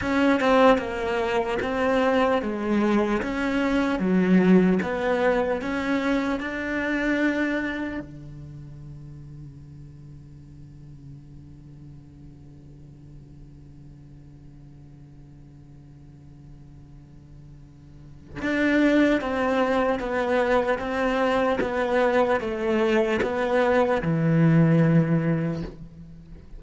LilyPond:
\new Staff \with { instrumentName = "cello" } { \time 4/4 \tempo 4 = 75 cis'8 c'8 ais4 c'4 gis4 | cis'4 fis4 b4 cis'4 | d'2 d2~ | d1~ |
d1~ | d2. d'4 | c'4 b4 c'4 b4 | a4 b4 e2 | }